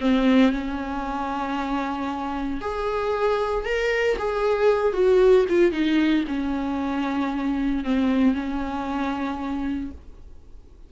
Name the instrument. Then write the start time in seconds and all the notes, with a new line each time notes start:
viola
0.00 C4
0.51 C#4
2.61 G#4
3.65 A#4
4.18 G#4
4.93 F#4
5.49 F4
5.72 D#4
6.27 C#4
7.84 C4
8.34 C#4